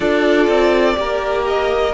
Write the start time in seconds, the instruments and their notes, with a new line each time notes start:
0.00 cello D4, viola F4, violin A4 D5
0.47 cello C4
0.95 cello A#3, viola G4, violin A#4
1.47 violin D#5